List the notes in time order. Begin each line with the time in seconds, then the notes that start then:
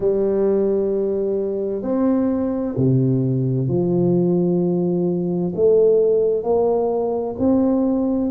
0.00 G3
1.82 C4
2.77 C3
3.68 F3
5.55 A3
6.43 A#3
7.38 C4